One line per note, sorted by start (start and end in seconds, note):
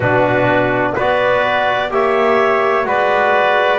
0.00 0.94 B2
0.00 0.97 D4
0.00 0.92 F#4
0.00 0.93 B4
0.95 1.90 B3
0.95 1.89 F#4
0.95 1.90 B4
0.95 1.91 D5
1.89 2.85 A#3
1.89 2.84 G4
1.89 2.87 C#5
1.89 2.87 E5
2.84 3.78 G#3
2.84 3.78 F#4
2.84 3.78 B4
2.84 3.78 D5